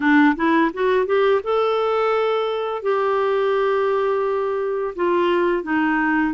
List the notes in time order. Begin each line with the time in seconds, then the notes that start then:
0.00 D4
0.35 E4
0.73 F#4
1.06 G4
1.43 A4
2.82 G4
4.95 F4
5.63 D#4